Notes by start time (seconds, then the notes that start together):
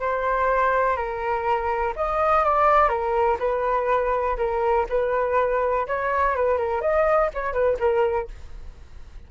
0.00 C5
0.97 A#4
1.96 D#5
2.45 D5
2.89 A#4
3.39 B4
4.37 A#4
4.89 B4
5.88 C#5
6.36 B4
6.58 A#4
6.81 D#5
7.34 C#5
7.53 B4
7.79 A#4